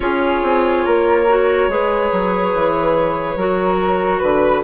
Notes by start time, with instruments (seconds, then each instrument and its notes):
0.00 bassoon C#4, clarinet F4, flute G#4, violin C#5
0.42 bassoon C4
0.85 bassoon A#3, flute A#4
1.28 clarinet F#4
1.67 bassoon G#3, clarinet G#4, flute B4
2.12 bassoon F#3
2.54 bassoon E3
3.36 bassoon F#3, clarinet F#4, flute A#4
4.18 bassoon D3, flute B4, violin B4